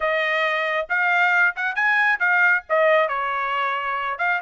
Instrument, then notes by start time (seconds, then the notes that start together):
trumpet
0.00 D#5
0.89 F5
1.56 F#5
1.75 G#5
2.19 F5
2.69 D#5
3.08 C#5
4.18 F5